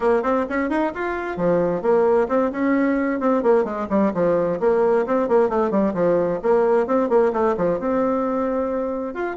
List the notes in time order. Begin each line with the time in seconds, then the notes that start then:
0.00 A#3
0.22 C4
0.49 C#4
0.69 D#4
0.94 F4
1.37 F3
1.82 A#3
2.28 C4
2.51 C#4
3.20 C4
3.42 A#3
3.64 G#3
3.89 G3
4.13 F3
4.60 A#3
5.06 C4
5.28 A#3
5.49 A3
5.70 G3
5.94 F3
6.42 A#3
6.86 C4
7.09 A#3
7.32 A3
7.57 F3
7.79 C4
9.14 F4